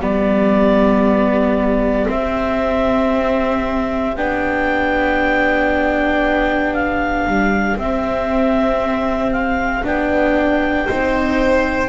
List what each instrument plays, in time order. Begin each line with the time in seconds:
0.00 double bass G3, viola B3, violin G4, clarinet D5
2.07 viola C4, double bass C4, clarinet E5
4.16 double bass B3, viola D4, clarinet G5
6.74 clarinet F5
7.27 double bass G3
7.76 double bass C4, viola C4, clarinet E5
9.32 clarinet F5
9.84 double bass B3, viola D4, clarinet G5
10.86 double bass C4, viola D#4, violin C5